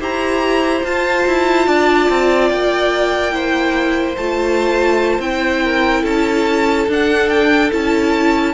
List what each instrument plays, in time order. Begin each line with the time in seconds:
0.00 cello E4, viola G4, violin C5 A#5
0.82 viola F4, cello F4, violin A5
1.27 cello E4
1.67 cello D4, violin D5
2.10 cello C4
2.50 cello A#3, violin G5
3.32 viola E4, violin C5
4.17 cello A3, viola F4, violin A5
5.19 cello C4, viola E4, violin G5
5.65 violin A#4
6.03 cello C#4, violin A4 A5
6.88 cello D4, viola D4, violin F#5
7.29 violin G5
7.71 cello C#4, viola E4, violin A5